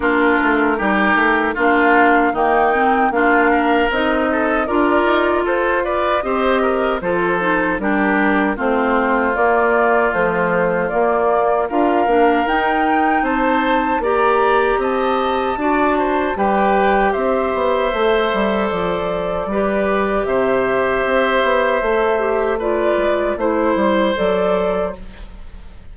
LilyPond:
<<
  \new Staff \with { instrumentName = "flute" } { \time 4/4 \tempo 4 = 77 ais'2 f''4 g''4 | f''4 dis''4 d''4 c''8 d''8 | dis''4 c''4 ais'4 c''4 | d''4 c''4 d''4 f''4 |
g''4 a''4 ais''4 a''4~ | a''4 g''4 e''2 | d''2 e''2~ | e''4 d''4 c''4 d''4 | }
  \new Staff \with { instrumentName = "oboe" } { \time 4/4 f'4 g'4 f'4 dis'4 | f'8 ais'4 a'8 ais'4 a'8 b'8 | c''8 ais'8 a'4 g'4 f'4~ | f'2. ais'4~ |
ais'4 c''4 d''4 dis''4 | d''8 c''8 b'4 c''2~ | c''4 b'4 c''2~ | c''4 b'4 c''2 | }
  \new Staff \with { instrumentName = "clarinet" } { \time 4/4 d'4 dis'4 d'4 ais8 c'8 | d'4 dis'4 f'2 | g'4 f'8 dis'8 d'4 c'4 | ais4 f4 ais4 f'8 d'8 |
dis'2 g'2 | fis'4 g'2 a'4~ | a'4 g'2. | a'8 g'8 f'4 e'4 a'4 | }
  \new Staff \with { instrumentName = "bassoon" } { \time 4/4 ais8 a8 g8 a8 ais4 dis4 | ais4 c'4 d'8 dis'8 f'4 | c'4 f4 g4 a4 | ais4 a4 ais4 d'8 ais8 |
dis'4 c'4 ais4 c'4 | d'4 g4 c'8 b8 a8 g8 | f4 g4 c4 c'8 b8 | a4. gis8 a8 g8 fis4 | }
>>